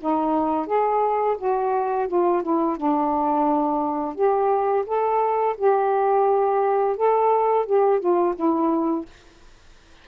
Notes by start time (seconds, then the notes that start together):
0.00 D#4
0.67 G#4
1.38 F#4
2.08 F4
2.42 E4
2.77 D4
4.15 G4
4.86 A4
5.57 G4
6.96 A4
7.66 G4
7.99 F4
8.35 E4